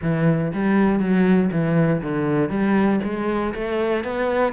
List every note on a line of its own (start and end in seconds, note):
0.02 0.52 E3
0.53 0.99 G3
0.99 1.49 F#3
1.51 2.01 E3
2.02 2.49 D3
2.49 3.00 G3
3.03 3.54 G#3
3.54 4.04 A3
4.04 4.52 B3